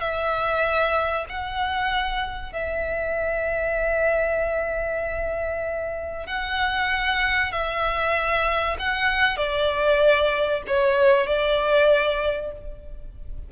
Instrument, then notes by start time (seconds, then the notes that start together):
violin
0.00 E5
1.29 F#5
2.52 E5
6.26 F#5
7.51 E5
8.79 F#5
9.37 D5
10.67 C#5
11.26 D5